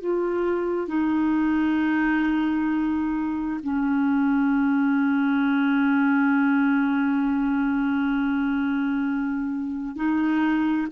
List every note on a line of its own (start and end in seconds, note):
0.00 0.87 F4
0.87 3.60 D#4
3.63 9.96 C#4
9.96 10.87 D#4